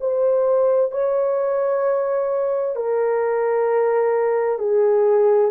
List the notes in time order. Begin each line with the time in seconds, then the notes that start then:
0.00 C5
0.91 C#5
2.75 A#4
4.59 G#4